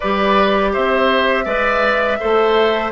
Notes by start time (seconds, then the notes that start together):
0.00 G3 G4 B4 D5
0.73 C4 C5 E5
1.44 G#3 B4 D5
2.19 A3 A4 C5